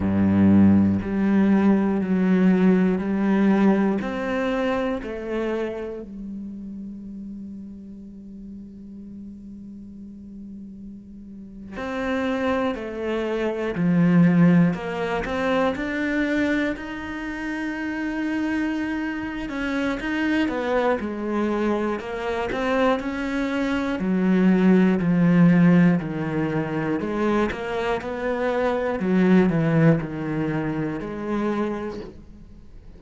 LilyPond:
\new Staff \with { instrumentName = "cello" } { \time 4/4 \tempo 4 = 60 g,4 g4 fis4 g4 | c'4 a4 g2~ | g2.~ g8. c'16~ | c'8. a4 f4 ais8 c'8 d'16~ |
d'8. dis'2~ dis'8. cis'8 | dis'8 b8 gis4 ais8 c'8 cis'4 | fis4 f4 dis4 gis8 ais8 | b4 fis8 e8 dis4 gis4 | }